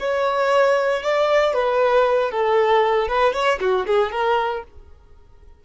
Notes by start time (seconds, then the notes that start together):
0.00 C#5
1.03 D5
1.54 B4
2.31 A4
3.08 B4
3.34 C#5
3.60 F#4
3.87 G#4
4.12 A#4